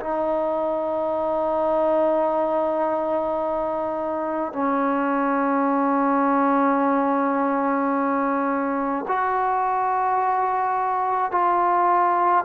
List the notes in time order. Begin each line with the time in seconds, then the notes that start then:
0.00 D#4
4.52 C#4
9.08 F#4
11.31 F4